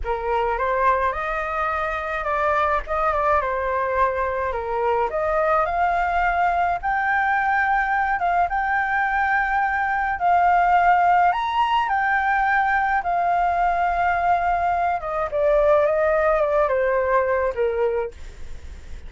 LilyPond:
\new Staff \with { instrumentName = "flute" } { \time 4/4 \tempo 4 = 106 ais'4 c''4 dis''2 | d''4 dis''8 d''8 c''2 | ais'4 dis''4 f''2 | g''2~ g''8 f''8 g''4~ |
g''2 f''2 | ais''4 g''2 f''4~ | f''2~ f''8 dis''8 d''4 | dis''4 d''8 c''4. ais'4 | }